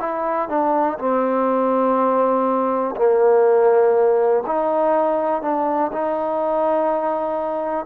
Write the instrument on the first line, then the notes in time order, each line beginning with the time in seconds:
trombone
0.00 E4
0.49 D4
0.99 C4
2.96 A#3
4.47 D#4
5.42 D4
5.93 D#4